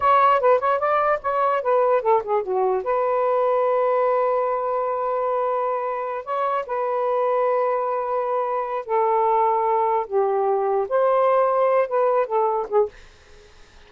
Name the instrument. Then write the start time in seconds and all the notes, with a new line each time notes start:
saxophone
0.00 C#5
0.40 B4
0.59 C#5
0.79 D5
1.22 C#5
1.62 B4
2.02 A4
2.23 G#4
2.43 F#4
2.83 B4
6.24 C#5
6.66 B4
8.85 A4
10.06 G4
10.89 C5
11.88 B4
12.26 A4
12.68 G#4